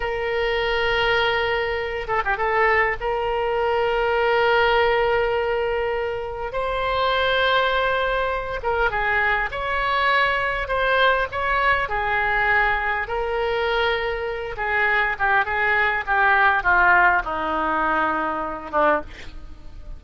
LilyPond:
\new Staff \with { instrumentName = "oboe" } { \time 4/4 \tempo 4 = 101 ais'2.~ ais'8 a'16 g'16 | a'4 ais'2.~ | ais'2. c''4~ | c''2~ c''8 ais'8 gis'4 |
cis''2 c''4 cis''4 | gis'2 ais'2~ | ais'8 gis'4 g'8 gis'4 g'4 | f'4 dis'2~ dis'8 d'8 | }